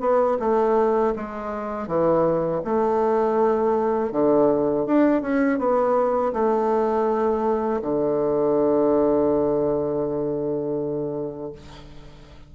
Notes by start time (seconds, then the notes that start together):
0.00 B3
0.39 A3
1.15 G#3
1.87 E3
2.64 A3
4.12 D3
4.86 D4
5.22 C#4
5.58 B3
6.33 A3
7.81 D3